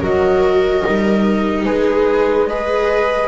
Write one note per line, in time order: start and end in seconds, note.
0.00 0.83 F#3
0.00 0.84 F#4
0.00 1.64 A#4
0.00 1.65 D#5
0.84 1.65 G3
0.84 2.49 D#4
1.65 3.28 G#3
1.65 2.48 G#4
1.65 2.47 B4
2.47 3.28 G#4
2.47 3.28 B4
2.47 3.28 D#5